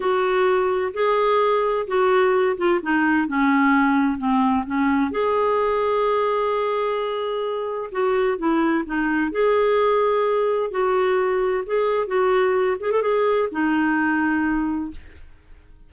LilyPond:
\new Staff \with { instrumentName = "clarinet" } { \time 4/4 \tempo 4 = 129 fis'2 gis'2 | fis'4. f'8 dis'4 cis'4~ | cis'4 c'4 cis'4 gis'4~ | gis'1~ |
gis'4 fis'4 e'4 dis'4 | gis'2. fis'4~ | fis'4 gis'4 fis'4. gis'16 a'16 | gis'4 dis'2. | }